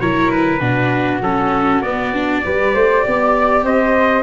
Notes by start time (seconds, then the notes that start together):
0.00 F#3 E4 A#4 C#5
0.31 B4
0.59 B2 D4 F#4
1.21 F#3 C#4 A4
1.82 B3 D5
2.13 D4
2.45 G3 G4 B4
2.74 A3 C5
3.03 B3 D5
3.63 C4 C5 D#5